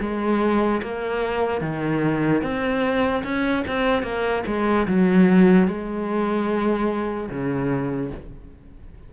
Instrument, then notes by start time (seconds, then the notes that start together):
cello
0.00 G#3
0.82 A#3
1.61 D#3
2.42 C4
3.23 C#4
3.67 C4
4.02 A#3
4.46 G#3
4.87 F#3
5.67 G#3
7.30 C#3